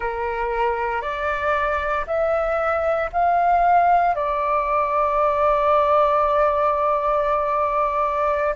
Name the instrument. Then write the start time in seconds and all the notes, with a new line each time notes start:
flute
0.00 A#4
1.01 D5
2.06 E5
3.12 F5
4.15 D5